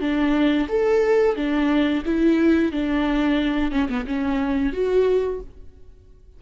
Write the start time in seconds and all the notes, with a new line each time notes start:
0.00 D4
0.68 A4
1.35 D4
2.05 E4
2.72 D4
3.71 C#4
3.88 B3
4.06 C#4
4.73 F#4